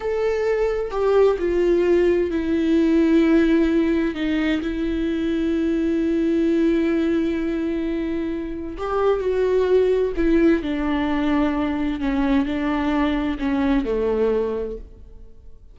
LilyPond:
\new Staff \with { instrumentName = "viola" } { \time 4/4 \tempo 4 = 130 a'2 g'4 f'4~ | f'4 e'2.~ | e'4 dis'4 e'2~ | e'1~ |
e'2. g'4 | fis'2 e'4 d'4~ | d'2 cis'4 d'4~ | d'4 cis'4 a2 | }